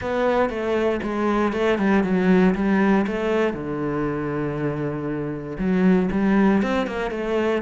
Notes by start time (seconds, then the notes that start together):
0.01 B3
0.49 A3
1.02 G#3
1.53 A3
1.78 G3
2.03 F#3
2.54 G3
3.06 A3
3.53 D3
5.58 F#3
6.11 G3
6.62 C4
6.86 A#3
7.10 A3